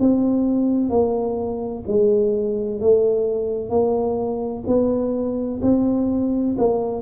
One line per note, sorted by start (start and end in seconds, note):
0.00 0.90 C4
0.90 1.84 A#3
1.87 2.81 G#3
2.81 3.70 A3
3.70 4.64 A#3
4.67 5.61 B3
5.62 6.56 C4
6.58 7.02 A#3